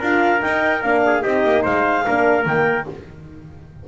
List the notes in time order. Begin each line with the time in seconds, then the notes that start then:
0.00 D4 F4 A#4 F5
0.40 D#4 G5
0.83 A#3 D4 F5
1.07 G#4
1.22 C4 D#4 G4 D#5
1.45 A#3
1.63 G#3 C5 F5
2.07 A#3 D4 A#4
2.46 D#3 A#3 G5